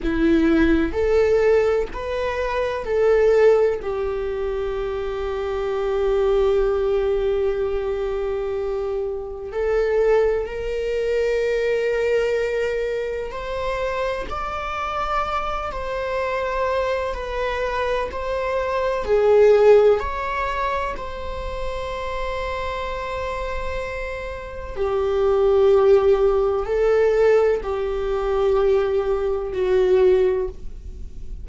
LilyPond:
\new Staff \with { instrumentName = "viola" } { \time 4/4 \tempo 4 = 63 e'4 a'4 b'4 a'4 | g'1~ | g'2 a'4 ais'4~ | ais'2 c''4 d''4~ |
d''8 c''4. b'4 c''4 | gis'4 cis''4 c''2~ | c''2 g'2 | a'4 g'2 fis'4 | }